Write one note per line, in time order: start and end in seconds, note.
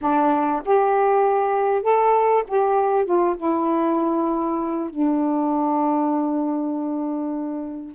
0.01 0.62 D4
0.65 1.82 G4
1.82 2.43 A4
2.47 3.05 G4
3.05 3.35 F4
3.36 4.90 E4
4.90 7.95 D4